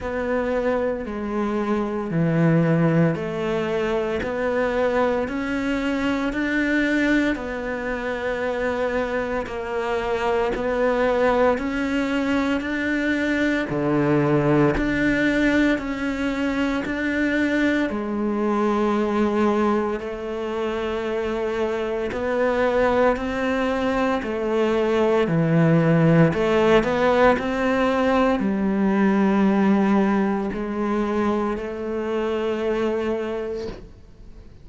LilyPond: \new Staff \with { instrumentName = "cello" } { \time 4/4 \tempo 4 = 57 b4 gis4 e4 a4 | b4 cis'4 d'4 b4~ | b4 ais4 b4 cis'4 | d'4 d4 d'4 cis'4 |
d'4 gis2 a4~ | a4 b4 c'4 a4 | e4 a8 b8 c'4 g4~ | g4 gis4 a2 | }